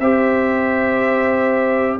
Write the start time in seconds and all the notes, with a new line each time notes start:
0.00 C4 G4 C5 E5